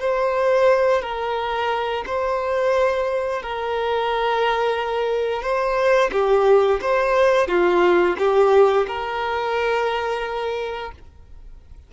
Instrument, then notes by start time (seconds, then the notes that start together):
violin
0.00 C5
1.02 A#4
2.06 C5
3.42 A#4
5.42 C5
6.12 G4
6.81 C5
7.48 F4
8.18 G4
8.87 A#4